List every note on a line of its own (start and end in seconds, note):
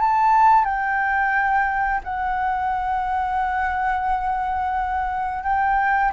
0.00 0.64 A5
0.64 2.01 G5
2.04 5.43 F#5
5.43 6.11 G5